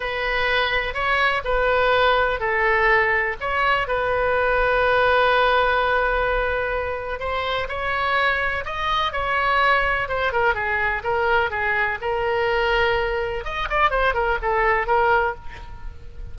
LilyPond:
\new Staff \with { instrumentName = "oboe" } { \time 4/4 \tempo 4 = 125 b'2 cis''4 b'4~ | b'4 a'2 cis''4 | b'1~ | b'2. c''4 |
cis''2 dis''4 cis''4~ | cis''4 c''8 ais'8 gis'4 ais'4 | gis'4 ais'2. | dis''8 d''8 c''8 ais'8 a'4 ais'4 | }